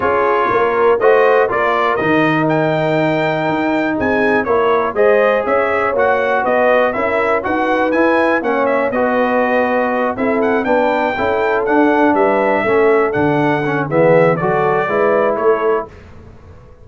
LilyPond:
<<
  \new Staff \with { instrumentName = "trumpet" } { \time 4/4 \tempo 4 = 121 cis''2 dis''4 d''4 | dis''4 g''2. | gis''4 cis''4 dis''4 e''4 | fis''4 dis''4 e''4 fis''4 |
gis''4 fis''8 e''8 dis''2~ | dis''8 e''8 fis''8 g''2 fis''8~ | fis''8 e''2 fis''4. | e''4 d''2 cis''4 | }
  \new Staff \with { instrumentName = "horn" } { \time 4/4 gis'4 ais'4 c''4 ais'4~ | ais'1 | gis'4 ais'4 c''4 cis''4~ | cis''4 b'4 ais'4 b'4~ |
b'4 cis''4 b'2~ | b'8 a'4 b'4 a'4.~ | a'8 b'4 a'2~ a'8 | gis'4 a'4 b'4 a'4 | }
  \new Staff \with { instrumentName = "trombone" } { \time 4/4 f'2 fis'4 f'4 | dis'1~ | dis'4 e'4 gis'2 | fis'2 e'4 fis'4 |
e'4 cis'4 fis'2~ | fis'8 e'4 d'4 e'4 d'8~ | d'4. cis'4 d'4 cis'8 | b4 fis'4 e'2 | }
  \new Staff \with { instrumentName = "tuba" } { \time 4/4 cis'4 ais4 a4 ais4 | dis2. dis'4 | c'4 ais4 gis4 cis'4 | ais4 b4 cis'4 dis'4 |
e'4 ais4 b2~ | b8 c'4 b4 cis'4 d'8~ | d'8 g4 a4 d4. | e4 fis4 gis4 a4 | }
>>